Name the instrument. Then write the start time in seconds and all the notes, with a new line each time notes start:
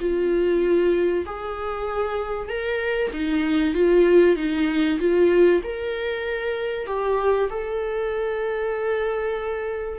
viola
0.00 F4
1.26 G#4
2.49 A#4
3.13 D#4
3.74 F4
4.36 D#4
4.99 F4
5.63 A#4
6.87 G4
7.50 A4